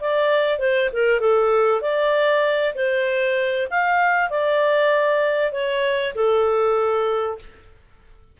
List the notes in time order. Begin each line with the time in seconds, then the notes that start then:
0.00 D5
0.59 C5
0.93 A#4
1.20 A4
1.81 D5
2.75 C5
3.71 F5
4.30 D5
5.52 C#5
6.15 A4